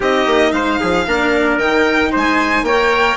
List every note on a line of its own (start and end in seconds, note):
0.00 0.26 C4
0.00 1.05 D#4
0.00 0.52 G4
0.00 0.52 D#5
0.26 0.52 A#3
0.52 0.78 G#3
0.52 0.80 C5
0.52 1.58 F5
0.80 1.06 F3
0.80 1.06 G#4
1.06 1.57 A#3
1.06 1.60 D4
1.06 2.11 A#4
1.57 2.10 D#3
1.57 2.65 D#4
1.57 2.11 G5
2.11 2.62 G#3
2.11 2.64 C5
2.17 2.64 G#5
2.62 3.15 A#3
2.62 3.16 A#4
2.62 3.16 C#5
2.62 3.16 G5